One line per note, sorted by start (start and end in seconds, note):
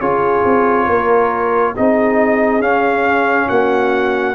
0.00 0.44 C#4
0.00 1.75 F4
0.00 0.85 G#4
0.00 1.74 C#5
0.44 0.88 C4
0.85 1.75 A#3
0.85 1.72 A#4
1.75 2.59 C4
1.75 2.61 D#4
1.75 3.48 G#4
1.75 2.62 D#5
2.59 3.46 C#4
2.59 4.34 C#4
2.59 3.49 F5
3.48 4.34 A#3
3.48 4.34 F#4
3.48 4.34 F#5